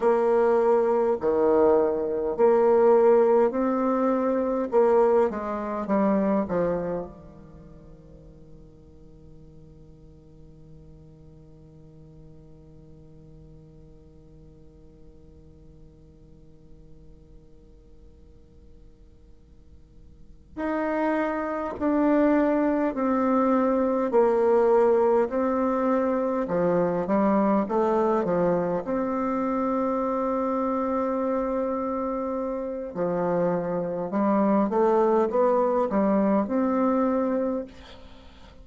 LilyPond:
\new Staff \with { instrumentName = "bassoon" } { \time 4/4 \tempo 4 = 51 ais4 dis4 ais4 c'4 | ais8 gis8 g8 f8 dis2~ | dis1~ | dis1~ |
dis4. dis'4 d'4 c'8~ | c'8 ais4 c'4 f8 g8 a8 | f8 c'2.~ c'8 | f4 g8 a8 b8 g8 c'4 | }